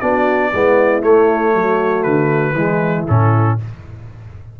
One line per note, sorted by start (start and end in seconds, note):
0.00 0.53 B3
0.00 0.53 D4
0.00 0.51 F#4
0.00 1.02 D5
0.53 1.03 G#3
0.53 1.02 B3
0.53 1.53 E4
1.02 2.55 A3
1.02 1.54 A3
1.02 2.03 C#5
1.53 2.05 F#3
1.53 2.55 F#4
2.03 2.53 D3
2.03 3.04 B4
2.53 3.04 E3
2.53 3.08 G#3
2.53 3.58 E4
3.08 3.60 A2
3.08 3.58 C#4
3.08 3.58 A4